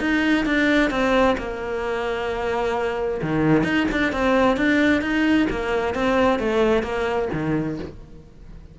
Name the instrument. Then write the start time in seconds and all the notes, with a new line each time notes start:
cello
0.00 D#4
0.46 D4
0.91 C4
1.38 A#3
3.22 D#3
3.64 D#4
3.92 D4
4.12 C4
4.57 D4
5.02 D#4
5.50 A#3
5.95 C4
6.39 A3
6.83 A#3
7.33 D#3